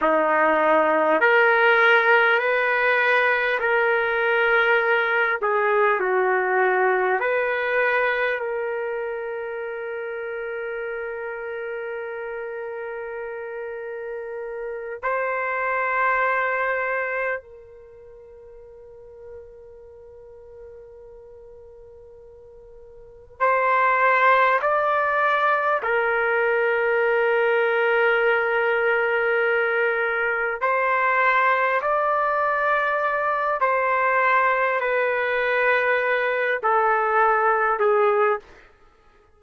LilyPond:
\new Staff \with { instrumentName = "trumpet" } { \time 4/4 \tempo 4 = 50 dis'4 ais'4 b'4 ais'4~ | ais'8 gis'8 fis'4 b'4 ais'4~ | ais'1~ | ais'8 c''2 ais'4.~ |
ais'2.~ ais'8 c''8~ | c''8 d''4 ais'2~ ais'8~ | ais'4. c''4 d''4. | c''4 b'4. a'4 gis'8 | }